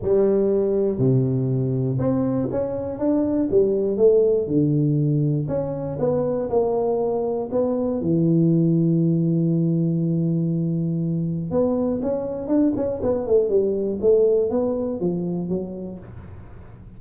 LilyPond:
\new Staff \with { instrumentName = "tuba" } { \time 4/4 \tempo 4 = 120 g2 c2 | c'4 cis'4 d'4 g4 | a4 d2 cis'4 | b4 ais2 b4 |
e1~ | e2. b4 | cis'4 d'8 cis'8 b8 a8 g4 | a4 b4 f4 fis4 | }